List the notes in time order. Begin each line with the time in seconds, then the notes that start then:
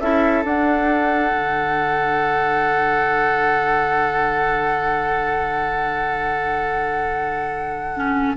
0.00 C#4 E4 A4 E5
0.44 D4 F#5
1.32 D3
7.96 C#4